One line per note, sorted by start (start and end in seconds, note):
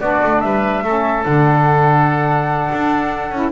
0.00 0.21 B3
0.00 0.84 D4
0.00 0.42 F#4
0.00 0.40 D5
0.23 0.41 A3
0.40 0.83 G3
0.40 0.84 B4
0.40 1.23 E5
0.83 1.24 A3
0.83 1.23 C#4
0.83 3.51 A4
1.23 2.70 D3
1.23 3.30 D4
1.23 3.51 F#5
2.72 3.31 D4
3.31 3.51 C#4
3.31 3.51 E4